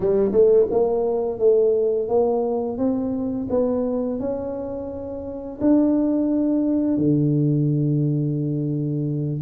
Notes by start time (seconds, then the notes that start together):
0.00 G3
0.31 A3
0.70 A#3
1.38 A3
2.08 A#3
2.77 C4
3.49 B3
4.19 C#4
5.60 D4
6.97 D3